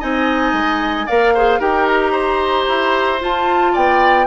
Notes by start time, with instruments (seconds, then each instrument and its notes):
0.00 bassoon C4, clarinet D#4, oboe D#5, flute G#5
0.53 bassoon G#3
1.07 bassoon A#3, clarinet A#4, oboe D5, flute F5
1.34 clarinet G#4, oboe C5
1.60 bassoon D#4, clarinet G4, oboe A#4, flute G5
1.87 flute A#5
2.12 oboe C5
2.69 bassoon E4
3.20 clarinet F4, bassoon F4, flute A5
3.73 bassoon B3, oboe D5, flute G5